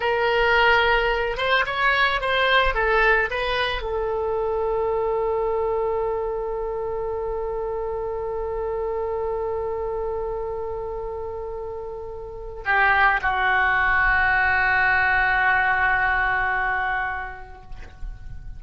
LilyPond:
\new Staff \with { instrumentName = "oboe" } { \time 4/4 \tempo 4 = 109 ais'2~ ais'8 c''8 cis''4 | c''4 a'4 b'4 a'4~ | a'1~ | a'1~ |
a'1~ | a'2. g'4 | fis'1~ | fis'1 | }